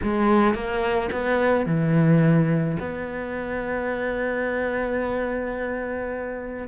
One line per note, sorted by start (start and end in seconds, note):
0.02 0.54 G#3
0.54 1.10 A#3
1.11 1.65 B3
1.65 2.77 E3
2.79 6.67 B3